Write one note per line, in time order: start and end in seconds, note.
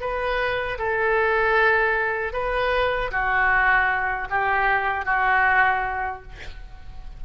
0.00 0.78 B4
0.78 2.33 A4
2.33 3.11 B4
3.11 4.28 F#4
4.30 5.05 G4
5.05 6.22 F#4